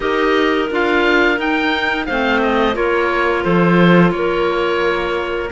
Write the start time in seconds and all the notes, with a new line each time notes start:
0.00 D#4 G4 A#4 D#5
0.70 D4 F4 F5
1.36 D#4 G5
2.05 A3 C4 C5 F5
2.42 D#5
2.73 A#3 F4 A#4 C#5
3.43 F3 A4 C5
4.11 A#3 A#4 C#5